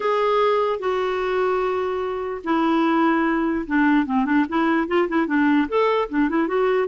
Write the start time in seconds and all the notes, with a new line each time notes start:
0.00 G#4
0.79 F#4
2.44 E4
3.66 D4
4.05 C4
4.25 D4
4.48 E4
4.87 F4
5.08 E4
5.26 D4
5.68 A4
6.09 D4
6.29 E4
6.47 F#4